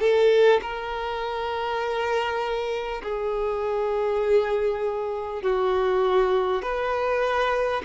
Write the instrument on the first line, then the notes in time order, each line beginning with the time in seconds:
violin
0.00 A4
0.62 A#4
3.03 G#4
5.43 F#4
6.62 B4